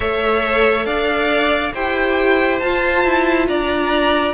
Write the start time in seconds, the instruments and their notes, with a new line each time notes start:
0.00 cello A3, viola A4, violin C#5 E5
0.85 cello D4, violin D5 F5
1.73 cello E4, viola G4, violin C5 G5
2.59 cello F4, viola F4, violin A5
3.04 cello E4
3.47 cello D4, violin D5 A#5